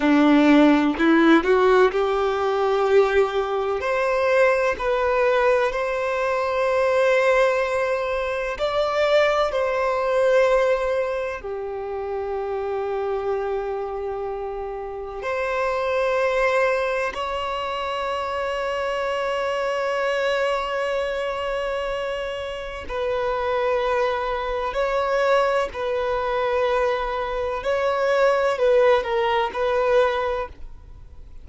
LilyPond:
\new Staff \with { instrumentName = "violin" } { \time 4/4 \tempo 4 = 63 d'4 e'8 fis'8 g'2 | c''4 b'4 c''2~ | c''4 d''4 c''2 | g'1 |
c''2 cis''2~ | cis''1 | b'2 cis''4 b'4~ | b'4 cis''4 b'8 ais'8 b'4 | }